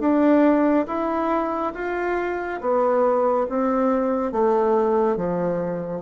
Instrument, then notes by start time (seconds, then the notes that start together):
bassoon
0.00 D4
0.87 E4
1.75 F4
2.61 B3
3.50 C4
4.32 A3
5.17 F3